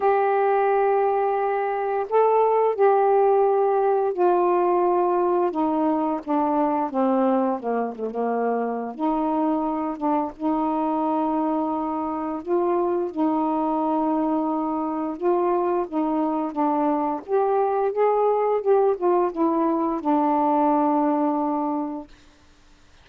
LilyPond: \new Staff \with { instrumentName = "saxophone" } { \time 4/4 \tempo 4 = 87 g'2. a'4 | g'2 f'2 | dis'4 d'4 c'4 ais8 a16 ais16~ | ais4 dis'4. d'8 dis'4~ |
dis'2 f'4 dis'4~ | dis'2 f'4 dis'4 | d'4 g'4 gis'4 g'8 f'8 | e'4 d'2. | }